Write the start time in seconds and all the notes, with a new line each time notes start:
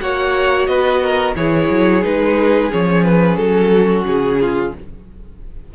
0.00 A#3 F#4 C#5 F#5
0.67 B3 B4 D#5
1.03 A#4
1.36 E3 E4 G#4 C#5
1.70 F#3
2.02 G#3 D#4 B4
2.70 F3 C#4 C#5
3.04 B4
3.36 F#3 A4
3.72 F#4
4.05 C#3 G#4
4.41 F4